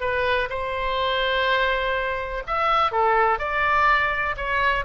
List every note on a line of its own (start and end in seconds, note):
0.00 0.48 B4
0.49 2.43 C5
2.47 2.91 E5
2.91 3.38 A4
3.38 4.35 D5
4.36 4.85 C#5